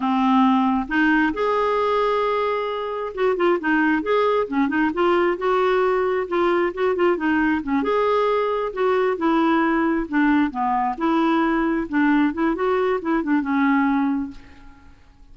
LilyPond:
\new Staff \with { instrumentName = "clarinet" } { \time 4/4 \tempo 4 = 134 c'2 dis'4 gis'4~ | gis'2. fis'8 f'8 | dis'4 gis'4 cis'8 dis'8 f'4 | fis'2 f'4 fis'8 f'8 |
dis'4 cis'8 gis'2 fis'8~ | fis'8 e'2 d'4 b8~ | b8 e'2 d'4 e'8 | fis'4 e'8 d'8 cis'2 | }